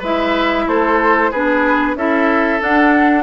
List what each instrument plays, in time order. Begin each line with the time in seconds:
0.00 bassoon G#3, clarinet E4, oboe B4, flute E5
0.68 bassoon A3, oboe A4, flute C5
1.31 bassoon B3, clarinet D4, oboe G#4, flute B4
1.95 bassoon C#4, clarinet E4, oboe A4, flute E5
2.60 clarinet D4, bassoon D4, flute F#5